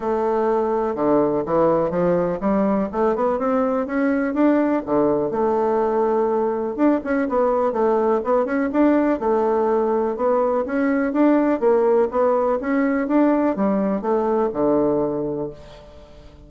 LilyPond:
\new Staff \with { instrumentName = "bassoon" } { \time 4/4 \tempo 4 = 124 a2 d4 e4 | f4 g4 a8 b8 c'4 | cis'4 d'4 d4 a4~ | a2 d'8 cis'8 b4 |
a4 b8 cis'8 d'4 a4~ | a4 b4 cis'4 d'4 | ais4 b4 cis'4 d'4 | g4 a4 d2 | }